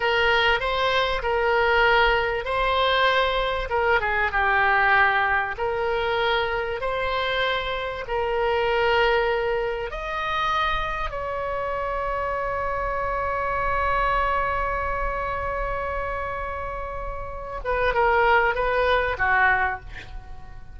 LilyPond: \new Staff \with { instrumentName = "oboe" } { \time 4/4 \tempo 4 = 97 ais'4 c''4 ais'2 | c''2 ais'8 gis'8 g'4~ | g'4 ais'2 c''4~ | c''4 ais'2. |
dis''2 cis''2~ | cis''1~ | cis''1~ | cis''8 b'8 ais'4 b'4 fis'4 | }